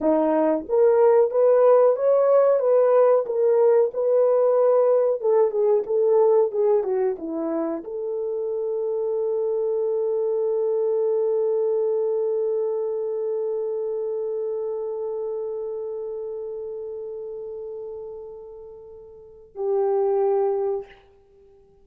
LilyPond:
\new Staff \with { instrumentName = "horn" } { \time 4/4 \tempo 4 = 92 dis'4 ais'4 b'4 cis''4 | b'4 ais'4 b'2 | a'8 gis'8 a'4 gis'8 fis'8 e'4 | a'1~ |
a'1~ | a'1~ | a'1~ | a'2 g'2 | }